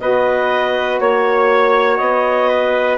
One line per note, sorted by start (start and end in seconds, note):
0.00 1.00 B3
0.00 2.98 F#4
0.00 1.01 B4
0.00 1.00 D#5
1.00 2.00 A#3
1.00 2.49 C#5
1.00 1.98 C#5
1.98 2.98 B3
1.98 2.98 D#5
2.49 2.98 B4